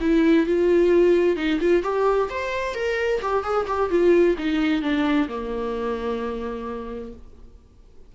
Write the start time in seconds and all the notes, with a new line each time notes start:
0.00 E4
0.46 F4
1.36 D#4
1.60 F4
1.82 G4
2.29 C5
2.74 A#4
3.21 G4
3.43 G#4
3.67 G4
3.90 F4
4.38 D#4
4.82 D4
5.28 A#3